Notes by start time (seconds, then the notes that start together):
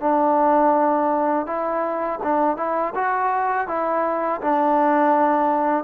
0.00 D4
1.46 E4
2.23 D4
2.57 E4
2.95 F#4
3.68 E4
4.41 D4